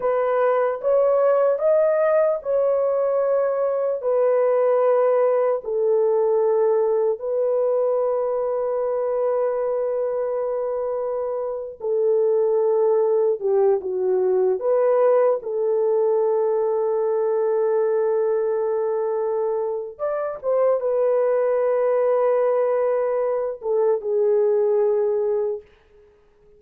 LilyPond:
\new Staff \with { instrumentName = "horn" } { \time 4/4 \tempo 4 = 75 b'4 cis''4 dis''4 cis''4~ | cis''4 b'2 a'4~ | a'4 b'2.~ | b'2~ b'8. a'4~ a'16~ |
a'8. g'8 fis'4 b'4 a'8.~ | a'1~ | a'4 d''8 c''8 b'2~ | b'4. a'8 gis'2 | }